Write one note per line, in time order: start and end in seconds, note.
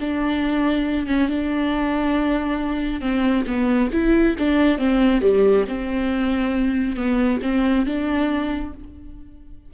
0.00 1.07 D4
1.07 1.28 C#4
1.28 3.01 D4
3.01 3.45 C4
3.47 3.91 B3
3.92 4.36 E4
4.38 4.78 D4
4.78 5.21 C4
5.21 5.65 G3
5.68 6.96 C4
6.96 7.40 B3
7.42 7.86 C4
7.86 8.73 D4